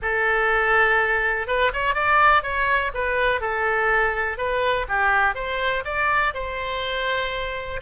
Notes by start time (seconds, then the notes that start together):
0.02 A4
1.47 B4
1.73 C#5
1.94 D5
2.42 C#5
2.94 B4
3.40 A4
4.37 B4
4.88 G4
5.34 C5
5.84 D5
6.33 C5